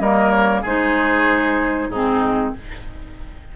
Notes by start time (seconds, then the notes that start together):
0.00 G3 A#3 A#4 D#5
0.31 C#5
0.62 G#3 D#4 G#4 C5
1.89 G#2 C4 D#4 G#4